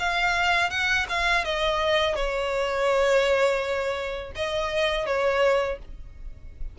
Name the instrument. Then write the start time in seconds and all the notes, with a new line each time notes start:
violin
0.00 F5
0.71 F#5
1.09 F5
1.45 D#5
2.16 C#5
4.36 D#5
5.07 C#5